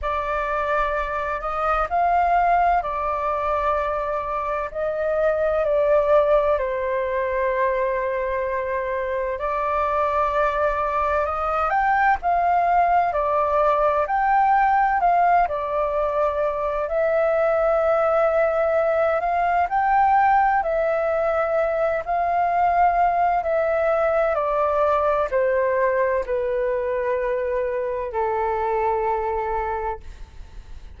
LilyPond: \new Staff \with { instrumentName = "flute" } { \time 4/4 \tempo 4 = 64 d''4. dis''8 f''4 d''4~ | d''4 dis''4 d''4 c''4~ | c''2 d''2 | dis''8 g''8 f''4 d''4 g''4 |
f''8 d''4. e''2~ | e''8 f''8 g''4 e''4. f''8~ | f''4 e''4 d''4 c''4 | b'2 a'2 | }